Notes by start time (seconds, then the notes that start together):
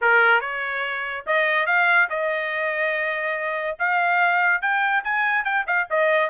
0.01 A#4
0.40 C#5
1.26 D#5
1.66 F5
2.09 D#5
3.79 F5
4.61 G5
5.03 G#5
5.44 G5
5.66 F5
5.90 D#5